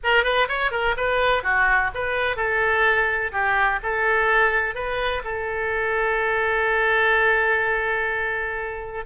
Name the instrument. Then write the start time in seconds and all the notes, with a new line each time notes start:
oboe
0.03 A#4
0.23 B4
0.48 C#5
0.71 A#4
0.96 B4
1.43 F#4
1.94 B4
2.36 A4
3.32 G4
3.82 A4
4.74 B4
5.24 A4